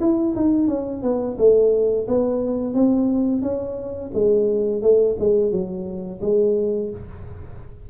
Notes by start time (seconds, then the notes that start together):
0.00 E4
0.35 D#4
0.67 C#4
1.02 B3
1.38 A3
2.07 B3
2.74 C4
3.42 C#4
4.13 G#3
4.82 A3
5.19 G#3
5.51 F#3
6.21 G#3